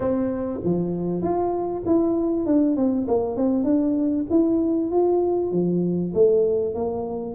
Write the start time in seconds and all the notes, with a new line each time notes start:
0.00 C4
0.64 F3
1.22 F4
1.85 E4
2.46 D4
2.76 C4
3.08 A#3
3.36 C4
3.64 D4
4.30 E4
4.90 F4
5.51 F3
6.14 A3
6.74 A#3